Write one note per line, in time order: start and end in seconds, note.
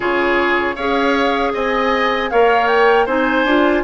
0.00 0.76 C#3
0.00 0.75 F4
0.00 0.75 G#4
0.00 0.76 C#5
0.75 1.53 C#4
0.75 2.31 G#4
0.75 1.52 C#5
0.75 1.53 F5
1.53 2.31 C4
1.53 2.30 D#5
1.53 2.30 G#5
2.30 3.06 A#3
2.30 3.08 A#4
2.30 3.05 C#5
2.30 2.67 F5
2.67 3.05 G5
3.05 3.44 C4
3.05 3.46 D#4
3.05 3.82 C5
3.05 3.83 G#5
3.44 3.83 D4
3.44 3.83 F4